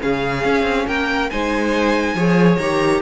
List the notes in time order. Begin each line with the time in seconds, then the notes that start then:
0.00 C#3 C#4 G#4 F5
0.45 C#4
0.63 C4
0.86 A#3 A#4 G5
1.30 G#3 D#4 C5 G#5
2.14 F3 G#4 C#5
2.58 D#3 G4 A#5